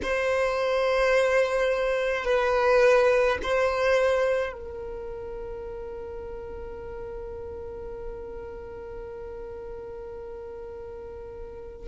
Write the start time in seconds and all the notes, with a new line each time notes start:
0.02 C5
2.24 B4
3.43 C5
4.53 A#4